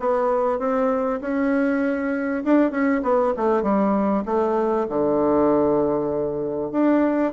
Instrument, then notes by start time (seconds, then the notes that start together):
bassoon
0.00 B3
0.59 C4
1.21 C#4
2.45 D4
2.71 C#4
3.03 B3
3.37 A3
3.63 G3
4.26 A3
4.89 D3
6.72 D4